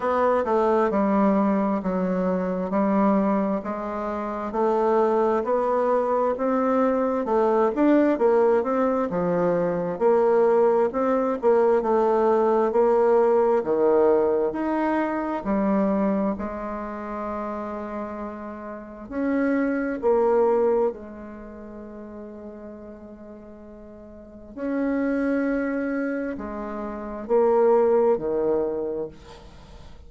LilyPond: \new Staff \with { instrumentName = "bassoon" } { \time 4/4 \tempo 4 = 66 b8 a8 g4 fis4 g4 | gis4 a4 b4 c'4 | a8 d'8 ais8 c'8 f4 ais4 | c'8 ais8 a4 ais4 dis4 |
dis'4 g4 gis2~ | gis4 cis'4 ais4 gis4~ | gis2. cis'4~ | cis'4 gis4 ais4 dis4 | }